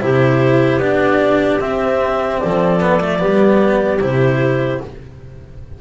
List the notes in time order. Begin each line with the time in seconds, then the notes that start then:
0.00 C3 E4 G4 C5
0.77 B3 D4 D5
1.59 C4 E5
2.39 F3 A4 D5
2.80 B3
3.00 A3
3.18 G3 B3 G4
4.00 C3 E4 C5